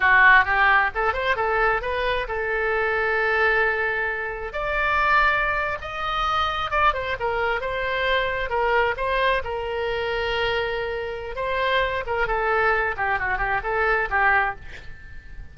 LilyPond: \new Staff \with { instrumentName = "oboe" } { \time 4/4 \tempo 4 = 132 fis'4 g'4 a'8 c''8 a'4 | b'4 a'2.~ | a'2 d''2~ | d''8. dis''2 d''8 c''8 ais'16~ |
ais'8. c''2 ais'4 c''16~ | c''8. ais'2.~ ais'16~ | ais'4 c''4. ais'8 a'4~ | a'8 g'8 fis'8 g'8 a'4 g'4 | }